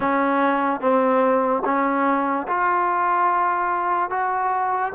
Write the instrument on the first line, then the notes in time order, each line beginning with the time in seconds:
trombone
0.00 C#4
0.80 C4
1.64 C#4
2.47 F4
4.10 F#4